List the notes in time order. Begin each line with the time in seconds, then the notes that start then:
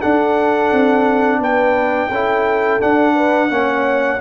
0.00 D4 A4 F#5
0.72 C4
1.40 B3 B4 G5
2.10 C#4 E4 A4
2.80 D4 F#5
3.14 B4
3.50 A#3 C#4 C#5